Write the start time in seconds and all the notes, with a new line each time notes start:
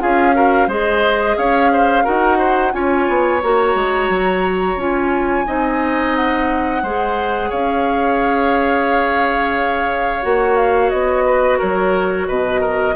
0.00 C#4 F4 G#4 F5
0.34 F#4 A#4
0.68 G#3 G#4 C5 D#5
1.38 C#4 C#5 F5
1.72 C5
2.04 D#4 F#4 A#4 F#5
2.38 C5
2.72 C#4 F4 C#5 G#5
3.09 B3
3.43 A#3 F#4 A#5
3.75 G#3
4.10 F#3
4.77 C#4 F4 G#5
5.46 C4 D#4 D#5
6.16 F#5
6.83 G#3 G#4 C5
7.50 C#4 C#5 F5
10.23 A#3 F#4 F#5
10.57 F5
10.90 B3 D#5
11.26 B4
11.59 F#3 A#4 C#5
12.28 B2 B4 D#5
12.61 A#4